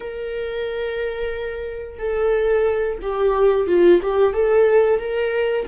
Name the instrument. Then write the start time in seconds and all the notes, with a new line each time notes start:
viola
0.00 A#4
1.98 A4
3.02 G4
3.67 F4
4.02 G4
4.33 A4
4.99 A#4